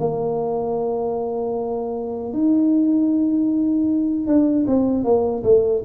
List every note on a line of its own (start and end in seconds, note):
0.00 2.33 A#3
2.33 4.28 D#4
4.28 4.66 D4
4.67 5.05 C4
5.05 5.44 A#3
5.44 5.83 A3